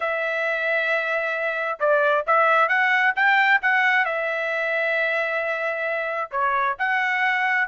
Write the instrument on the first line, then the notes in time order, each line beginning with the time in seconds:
trumpet
0.00 E5
1.79 D5
2.26 E5
2.68 F#5
3.15 G5
3.62 F#5
4.05 E5
6.31 C#5
6.78 F#5